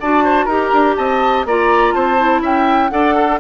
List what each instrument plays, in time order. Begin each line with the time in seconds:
0.00 bassoon D4, clarinet F#4, oboe D5, flute A5
0.24 oboe C5
0.45 bassoon D#4, clarinet G4, oboe A#4, flute A#5
0.72 bassoon D4
0.96 bassoon C4, oboe D#5, flute A5
1.45 bassoon A#3, clarinet F4, oboe D5, flute A#5
1.92 bassoon C4, oboe C5, flute A5
2.18 clarinet E4
2.42 bassoon C#4, oboe E5, flute G5
2.90 bassoon D4, clarinet A4, oboe D5, flute F#5
3.14 oboe A4